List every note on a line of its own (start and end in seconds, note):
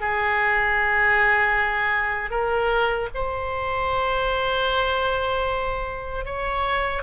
0.00 2.30 G#4
2.30 3.08 A#4
3.14 6.25 C5
6.25 7.03 C#5